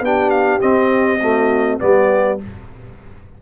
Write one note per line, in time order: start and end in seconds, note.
0.00 0.59 B3
0.00 0.60 D4
0.00 1.20 G4
0.00 0.30 G5
0.30 0.59 F5
0.60 1.19 C4
0.60 1.79 C4
0.60 1.78 D#5
1.20 1.79 A3
1.20 1.79 F#4
1.79 2.40 G3
1.79 2.38 B3
1.79 2.42 G4
1.79 2.39 D5